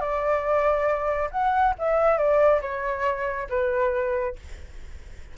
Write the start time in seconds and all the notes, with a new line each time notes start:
0.00 D5
1.31 F#5
1.79 E5
2.18 D5
2.61 C#5
3.49 B4